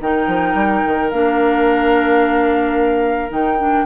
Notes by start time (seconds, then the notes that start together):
0.00 D#3 D#4 A#4 G5
0.27 F3
0.54 G3
0.86 D#3
1.10 A#3 D4 F5
3.29 D#3 D#4 G5
3.58 D4